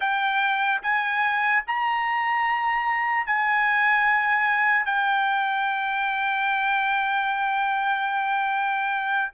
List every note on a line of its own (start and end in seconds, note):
0.00 0.81 G5
0.82 1.63 G#5
1.67 3.26 A#5
3.26 4.85 G#5
4.85 9.31 G5